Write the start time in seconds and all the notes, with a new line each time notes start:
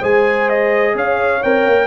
0.00 G#3 G#4 C5 G#5
0.49 D#5
0.95 C#4 C#5 F5
1.43 C4 A#4 G5
1.66 A#3